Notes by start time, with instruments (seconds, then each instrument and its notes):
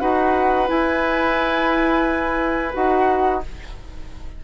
0.00 bassoon D#4, clarinet F#4, oboe B4, flute F#5
0.67 clarinet E4, bassoon E4, flute G#5
2.73 bassoon D#4, clarinet F#4, flute F#5